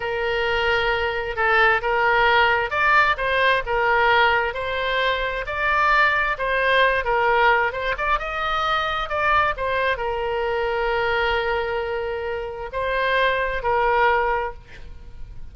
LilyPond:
\new Staff \with { instrumentName = "oboe" } { \time 4/4 \tempo 4 = 132 ais'2. a'4 | ais'2 d''4 c''4 | ais'2 c''2 | d''2 c''4. ais'8~ |
ais'4 c''8 d''8 dis''2 | d''4 c''4 ais'2~ | ais'1 | c''2 ais'2 | }